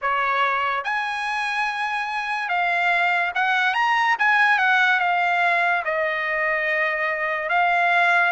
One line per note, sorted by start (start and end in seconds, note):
0.01 0.84 C#5
0.84 2.48 G#5
2.48 3.31 F5
3.34 3.74 F#5
3.74 4.16 A#5
4.19 4.58 G#5
4.58 4.99 F#5
4.99 5.83 F5
5.84 7.49 D#5
7.49 8.32 F5